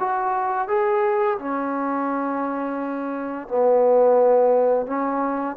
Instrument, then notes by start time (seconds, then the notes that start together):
trombone
0.00 F#4
0.68 G#4
1.39 C#4
3.48 B3
4.87 C#4